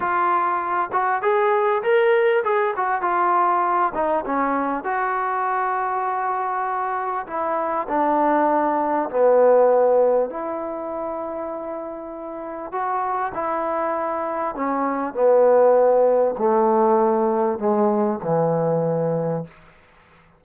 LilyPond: \new Staff \with { instrumentName = "trombone" } { \time 4/4 \tempo 4 = 99 f'4. fis'8 gis'4 ais'4 | gis'8 fis'8 f'4. dis'8 cis'4 | fis'1 | e'4 d'2 b4~ |
b4 e'2.~ | e'4 fis'4 e'2 | cis'4 b2 a4~ | a4 gis4 e2 | }